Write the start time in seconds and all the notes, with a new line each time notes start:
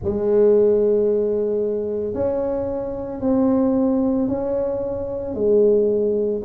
0.03 G#3
2.14 C#4
3.20 C4
4.28 C#4
5.34 G#3